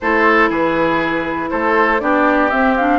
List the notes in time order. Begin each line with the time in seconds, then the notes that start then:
0.00 A3 E4 A4 C5
0.49 E3 G#4 B4
1.49 A3 A4 C5
2.00 B3 D4 G4 D5
2.50 C4 E5
2.76 D4 F5